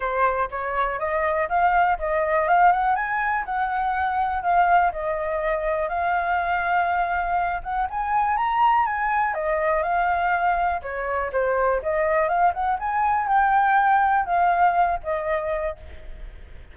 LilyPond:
\new Staff \with { instrumentName = "flute" } { \time 4/4 \tempo 4 = 122 c''4 cis''4 dis''4 f''4 | dis''4 f''8 fis''8 gis''4 fis''4~ | fis''4 f''4 dis''2 | f''2.~ f''8 fis''8 |
gis''4 ais''4 gis''4 dis''4 | f''2 cis''4 c''4 | dis''4 f''8 fis''8 gis''4 g''4~ | g''4 f''4. dis''4. | }